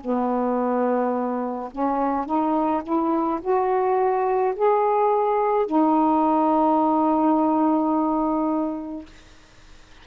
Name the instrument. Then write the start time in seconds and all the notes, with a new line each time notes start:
saxophone
0.00 B3
1.71 C#4
2.25 D#4
2.83 E4
3.41 F#4
4.55 G#4
5.66 D#4